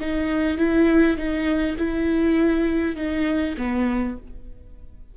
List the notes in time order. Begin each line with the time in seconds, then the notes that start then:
0.00 D#4
0.58 E4
1.17 D#4
1.78 E4
2.96 D#4
3.58 B3